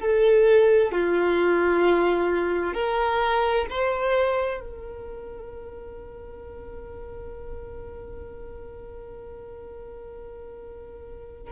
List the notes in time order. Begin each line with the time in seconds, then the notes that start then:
0.00 A4
0.92 F4
2.74 A#4
3.70 C5
4.61 A#4